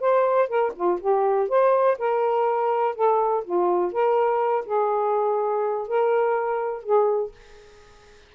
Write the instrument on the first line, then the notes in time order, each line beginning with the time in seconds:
saxophone
0.00 C5
0.48 A#4
0.75 F4
1.00 G4
1.49 C5
1.98 A#4
2.95 A4
3.44 F4
3.92 A#4
4.66 G#4
5.87 A#4
6.83 G#4